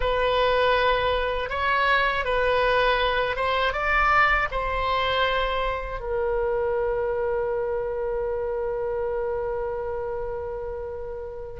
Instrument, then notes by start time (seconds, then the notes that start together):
oboe
0.00 B4
1.49 C#5
2.25 B4
3.36 C5
3.73 D5
4.51 C5
6.00 A#4